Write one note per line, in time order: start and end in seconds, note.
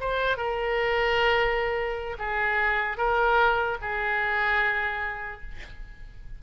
0.00 0.37 C5
0.37 2.17 A#4
2.18 2.97 G#4
2.97 3.77 A#4
3.81 5.41 G#4